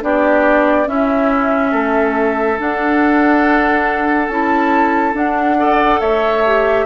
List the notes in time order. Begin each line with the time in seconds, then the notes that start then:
0.00 B3 D4 G4 D5
0.85 C#4 E4 E5
1.71 A3 A4
2.57 D4 F#5
4.28 C#4 E4 A5
5.13 D4 F#5
5.57 A4 D5
6.00 A3 C#5 E5
6.45 G4